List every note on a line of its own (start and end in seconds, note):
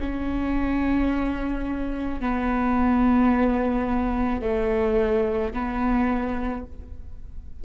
0.00 2.20 C#4
2.20 4.42 B3
4.42 5.53 A3
5.54 6.65 B3